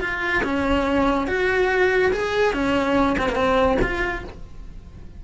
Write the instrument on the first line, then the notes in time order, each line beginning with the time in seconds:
cello
0.00 F4
0.43 C#4
1.27 F#4
2.12 G#4
2.53 C#4
3.18 C4
3.28 A#3
3.35 C4
3.82 F4